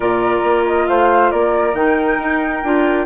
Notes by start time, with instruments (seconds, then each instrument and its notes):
0.00 bassoon A#2, clarinet F4, flute A#4 D5
0.43 bassoon A#3
0.65 flute D#5
0.87 bassoon A3, flute C5 F5
1.31 bassoon A#3, flute A#4 D5
1.73 bassoon D#3, clarinet D#4, flute G5
2.18 bassoon D#4
2.63 bassoon D4, clarinet F4